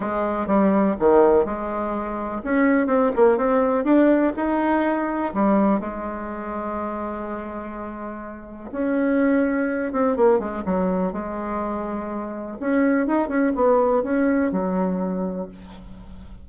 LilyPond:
\new Staff \with { instrumentName = "bassoon" } { \time 4/4 \tempo 4 = 124 gis4 g4 dis4 gis4~ | gis4 cis'4 c'8 ais8 c'4 | d'4 dis'2 g4 | gis1~ |
gis2 cis'2~ | cis'8 c'8 ais8 gis8 fis4 gis4~ | gis2 cis'4 dis'8 cis'8 | b4 cis'4 fis2 | }